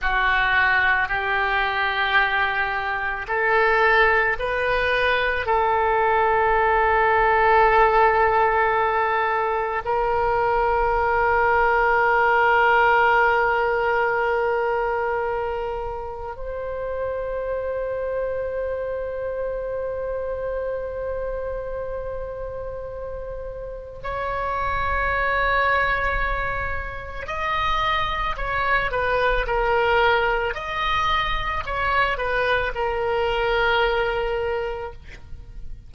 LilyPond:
\new Staff \with { instrumentName = "oboe" } { \time 4/4 \tempo 4 = 55 fis'4 g'2 a'4 | b'4 a'2.~ | a'4 ais'2.~ | ais'2. c''4~ |
c''1~ | c''2 cis''2~ | cis''4 dis''4 cis''8 b'8 ais'4 | dis''4 cis''8 b'8 ais'2 | }